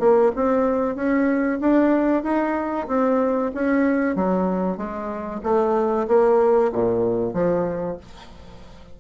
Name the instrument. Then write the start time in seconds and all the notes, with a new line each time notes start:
bassoon
0.00 A#3
0.36 C4
0.96 C#4
1.61 D4
2.24 D#4
2.88 C4
3.55 C#4
4.16 F#3
4.77 G#3
5.44 A3
6.08 A#3
6.73 A#2
7.34 F3